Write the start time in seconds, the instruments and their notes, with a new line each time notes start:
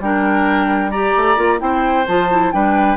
0.00 bassoon G3, clarinet D4, oboe A#4, flute G5
0.90 clarinet G4, oboe D5, flute A#5
1.17 bassoon A3
1.37 bassoon A#3, clarinet F4
1.59 bassoon C4, clarinet E4, oboe C5, flute G5
2.07 bassoon F3, clarinet F4, flute A5
2.31 clarinet E4
2.52 bassoon G3, clarinet D4, oboe B4, flute G5